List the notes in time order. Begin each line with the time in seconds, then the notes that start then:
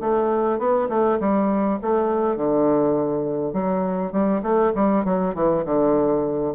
0.00 A3
0.59 B3
0.89 A3
1.20 G3
1.82 A3
2.36 D3
3.53 F#3
4.12 G3
4.43 A3
4.75 G3
5.05 F#3
5.35 E3
5.65 D3